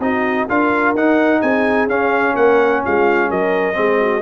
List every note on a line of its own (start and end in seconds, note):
0.00 0.47 C4
0.00 0.48 D#4
0.00 0.47 F#4
0.00 0.48 D#5
0.47 0.94 D4
0.47 0.96 F4
0.47 1.40 A#4
0.47 0.96 F5
0.94 1.41 D#4
0.94 1.89 D#4
0.94 1.42 F#5
1.41 1.87 C4
1.41 2.34 G#4
1.41 1.88 G#5
1.87 2.34 C#4
1.87 3.74 C#4
1.87 2.36 F5
2.34 2.83 A#3
2.34 2.81 A#4
2.34 2.83 F#5
2.85 3.31 G#3
2.85 3.29 F4
2.85 3.31 F5
3.29 3.78 F#3
3.29 3.75 A#4
3.29 4.22 D#5
3.74 4.22 G#3
3.74 4.20 C4
3.74 3.99 G#4
4.00 4.22 F#4